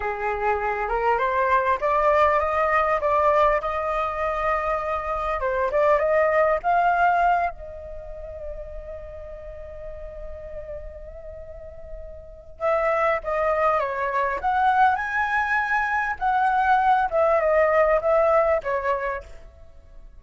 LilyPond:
\new Staff \with { instrumentName = "flute" } { \time 4/4 \tempo 4 = 100 gis'4. ais'8 c''4 d''4 | dis''4 d''4 dis''2~ | dis''4 c''8 d''8 dis''4 f''4~ | f''8 dis''2.~ dis''8~ |
dis''1~ | dis''4 e''4 dis''4 cis''4 | fis''4 gis''2 fis''4~ | fis''8 e''8 dis''4 e''4 cis''4 | }